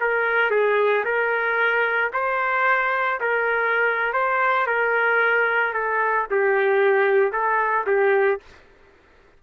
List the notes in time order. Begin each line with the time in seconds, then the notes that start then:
0.00 A#4
0.50 G#4
1.04 A#4
2.13 C5
3.20 A#4
4.13 C5
4.66 A#4
5.73 A4
6.30 G4
7.32 A4
7.86 G4